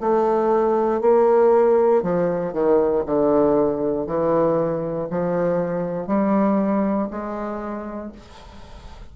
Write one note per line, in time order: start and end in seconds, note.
0.00 1.01 A3
1.01 2.02 A#3
2.02 2.53 F3
2.53 3.04 D#3
3.06 4.07 D3
4.07 5.08 E3
5.10 6.07 F3
6.07 7.09 G3
7.10 8.12 G#3